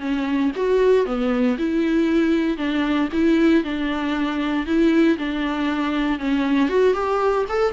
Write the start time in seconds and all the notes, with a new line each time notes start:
0.00 C#4
0.56 F#4
1.06 B3
1.58 E4
2.58 D4
3.13 E4
3.64 D4
4.66 E4
5.18 D4
6.19 C#4
6.69 F#4
6.94 G4
7.49 A4